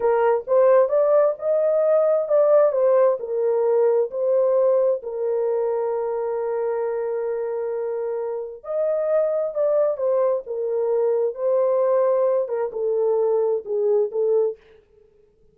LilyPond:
\new Staff \with { instrumentName = "horn" } { \time 4/4 \tempo 4 = 132 ais'4 c''4 d''4 dis''4~ | dis''4 d''4 c''4 ais'4~ | ais'4 c''2 ais'4~ | ais'1~ |
ais'2. dis''4~ | dis''4 d''4 c''4 ais'4~ | ais'4 c''2~ c''8 ais'8 | a'2 gis'4 a'4 | }